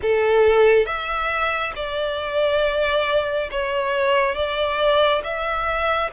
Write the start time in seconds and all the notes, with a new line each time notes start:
0.02 A4
0.85 E5
1.75 D5
3.51 C#5
4.35 D5
5.23 E5